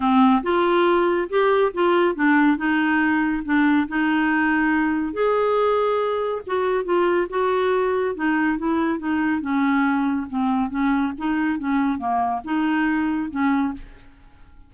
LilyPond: \new Staff \with { instrumentName = "clarinet" } { \time 4/4 \tempo 4 = 140 c'4 f'2 g'4 | f'4 d'4 dis'2 | d'4 dis'2. | gis'2. fis'4 |
f'4 fis'2 dis'4 | e'4 dis'4 cis'2 | c'4 cis'4 dis'4 cis'4 | ais4 dis'2 cis'4 | }